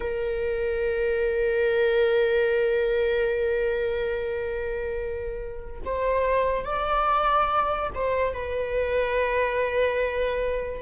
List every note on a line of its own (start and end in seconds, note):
0.00 5.80 A#4
5.84 6.64 C5
6.64 7.89 D5
7.94 8.33 C5
8.33 10.81 B4